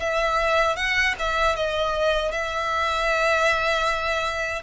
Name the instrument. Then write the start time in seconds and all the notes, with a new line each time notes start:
violin
0.00 E5
0.77 F#5
1.20 E5
1.56 D#5
2.32 E5